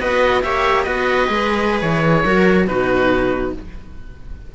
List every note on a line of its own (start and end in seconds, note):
0.00 0.44 B3
0.00 0.43 F#4
0.00 0.43 B4
0.00 0.43 D#5
0.43 0.86 A#3
0.43 0.86 G4
0.43 0.84 C#5
0.43 0.83 E5
0.83 1.29 B3
0.83 1.27 F#4
0.83 2.24 B4
0.83 1.80 D#5
1.27 1.82 G#3
1.27 2.24 G#4
1.81 2.25 E3
1.81 2.67 C#5
2.25 2.67 F#3
2.25 2.68 F#4
2.25 2.68 A#4
2.67 3.53 B2
2.67 3.53 D#4
2.67 3.55 F#4
2.67 3.53 B4